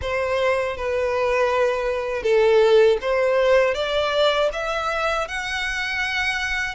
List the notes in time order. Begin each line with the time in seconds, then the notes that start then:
0.01 C5
0.76 B4
2.22 A4
3.01 C5
3.74 D5
4.52 E5
5.27 F#5